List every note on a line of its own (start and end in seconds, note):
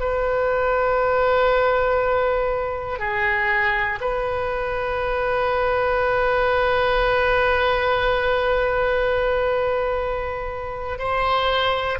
0.00 3.00 B4
3.00 4.00 G#4
4.01 10.99 B4
10.99 11.99 C5